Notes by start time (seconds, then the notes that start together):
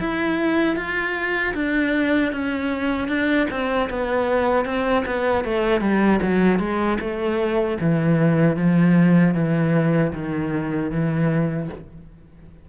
0.00 E4
0.76 F4
1.55 D4
2.33 C#4
3.09 D4
3.51 C4
3.90 B3
4.65 C4
5.06 B3
5.45 A3
5.81 G3
6.22 F#3
6.60 G#3
7.01 A3
7.81 E3
8.57 F3
9.34 E3
10.13 D#3
10.91 E3